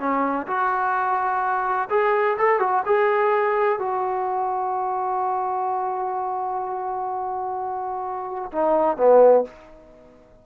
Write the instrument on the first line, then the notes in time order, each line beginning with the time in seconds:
trombone
0.00 C#4
0.47 F#4
1.90 G#4
2.39 A4
2.60 F#4
2.86 G#4
3.80 F#4
8.53 D#4
8.97 B3